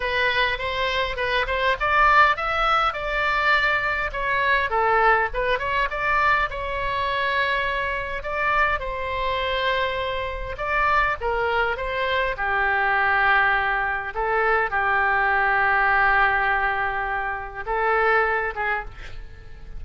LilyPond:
\new Staff \with { instrumentName = "oboe" } { \time 4/4 \tempo 4 = 102 b'4 c''4 b'8 c''8 d''4 | e''4 d''2 cis''4 | a'4 b'8 cis''8 d''4 cis''4~ | cis''2 d''4 c''4~ |
c''2 d''4 ais'4 | c''4 g'2. | a'4 g'2.~ | g'2 a'4. gis'8 | }